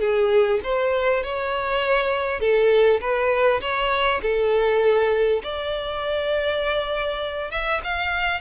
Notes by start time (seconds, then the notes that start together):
0.00 G#4
0.64 C5
1.23 C#5
2.40 A4
3.01 B4
3.61 C#5
4.22 A4
5.43 D5
7.51 E5
7.84 F5